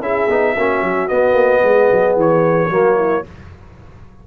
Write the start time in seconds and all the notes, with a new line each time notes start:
0.00 C#4 E4 G#4 E5
0.28 B3 D#4
0.54 A#3 C#4 F#4
0.81 F#3
1.08 B3 D#5
1.33 A#3
1.62 G#3 G#4
1.92 F#3
2.16 E3 C#5
2.69 F#3 A#3 F#4
2.96 E4